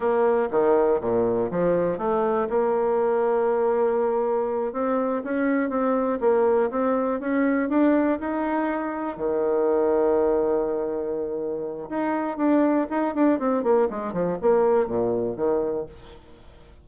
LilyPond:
\new Staff \with { instrumentName = "bassoon" } { \time 4/4 \tempo 4 = 121 ais4 dis4 ais,4 f4 | a4 ais2.~ | ais4. c'4 cis'4 c'8~ | c'8 ais4 c'4 cis'4 d'8~ |
d'8 dis'2 dis4.~ | dis1 | dis'4 d'4 dis'8 d'8 c'8 ais8 | gis8 f8 ais4 ais,4 dis4 | }